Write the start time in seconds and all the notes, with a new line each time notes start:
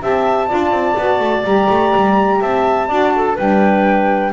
0.00 C4 G4 E5 A5
0.48 D4 F4 D5
0.71 C4
0.98 B3 F#4
1.20 A3
1.45 G3 G4 A#5
1.70 A3
1.96 G3
2.41 C4 E5 A5
2.88 D4 F#4 D5
3.16 A4
3.36 G3 D4 B4 G5